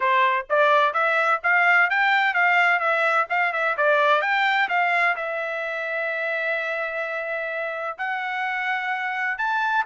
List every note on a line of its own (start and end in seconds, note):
0.00 0.46 C5
0.49 0.93 D5
0.93 1.40 E5
1.43 1.90 F5
1.90 2.34 G5
2.34 2.79 F5
2.79 3.26 E5
3.29 3.52 F5
3.52 3.76 E5
3.77 4.21 D5
4.21 4.68 G5
4.68 5.15 F5
5.16 7.97 E5
7.98 9.37 F#5
9.37 9.84 A5